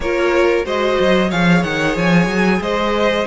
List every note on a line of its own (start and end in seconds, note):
0.00 0.65 A#3
0.00 0.64 F4
0.00 0.65 A#4
0.00 0.66 C#5
0.64 0.97 G#3
0.64 1.29 F#4
0.64 1.29 C5
0.64 1.30 D#5
1.00 1.32 F#3
1.29 1.63 F3
1.29 3.27 G#4
1.29 2.59 C#5
1.29 1.63 F5
1.63 1.96 D#3
1.63 1.95 F#5
1.96 2.26 F3
1.96 2.62 G#5
2.26 2.59 F#3
2.60 3.25 G#3
2.60 3.27 C5
2.60 3.27 D#5